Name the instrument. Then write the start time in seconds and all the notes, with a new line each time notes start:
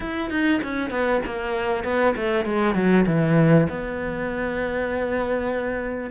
cello
0.00 E4
0.30 D#4
0.63 C#4
0.90 B3
1.26 A#3
1.84 B3
2.16 A3
2.45 G#3
2.74 F#3
3.06 E3
3.69 B3